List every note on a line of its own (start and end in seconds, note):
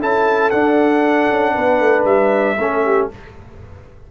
0.00 0.53 C#4
0.00 0.52 E4
0.00 1.54 A4
0.00 0.51 A5
0.51 2.58 D4
0.51 1.31 D4
0.51 2.05 F#5
1.31 1.56 C#4
1.54 1.80 B3
1.54 2.57 B4
1.80 2.05 A3
2.05 2.57 G3
2.05 3.08 E5
2.59 3.10 A3
2.59 3.12 C#4
2.59 2.85 A4
2.85 3.11 G4